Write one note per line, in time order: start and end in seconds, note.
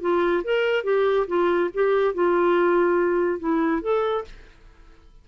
0.00 0.43 F4
0.44 0.84 A#4
0.84 1.26 G4
1.27 1.70 F4
1.74 2.14 G4
2.14 3.39 F4
3.39 3.82 E4
3.82 4.24 A4